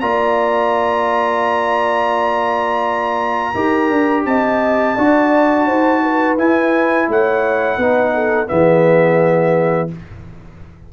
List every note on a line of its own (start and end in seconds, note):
0.00 3.54 A#3
0.00 3.54 F4
0.00 3.53 D5
0.00 4.24 A#5
3.53 3.89 D#4
3.53 4.96 G4
3.53 4.23 A#4
3.89 4.25 D4
4.25 4.96 C4
4.25 4.96 D#5
4.25 6.37 A5
4.96 5.67 D4
4.96 6.38 F#4
4.96 5.65 D5
5.65 6.37 D#4
5.65 6.01 C5
6.02 7.08 B4
6.37 7.08 E4
6.37 7.79 E4
6.37 7.09 G#5
7.08 7.77 A3
7.08 7.77 C#5
7.08 8.48 F#5
7.77 8.48 B3
7.77 8.47 D#4
7.77 8.12 B4
8.14 8.49 A4
8.47 9.92 E3
8.47 9.88 B3
8.47 9.90 G#4
8.47 9.89 E5